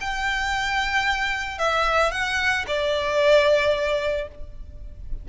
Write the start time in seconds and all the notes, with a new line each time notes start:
0.00 G5
1.58 E5
2.11 F#5
2.67 D5